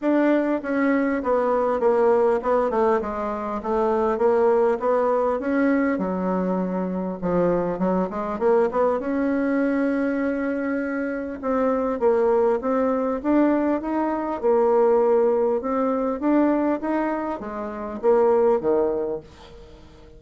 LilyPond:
\new Staff \with { instrumentName = "bassoon" } { \time 4/4 \tempo 4 = 100 d'4 cis'4 b4 ais4 | b8 a8 gis4 a4 ais4 | b4 cis'4 fis2 | f4 fis8 gis8 ais8 b8 cis'4~ |
cis'2. c'4 | ais4 c'4 d'4 dis'4 | ais2 c'4 d'4 | dis'4 gis4 ais4 dis4 | }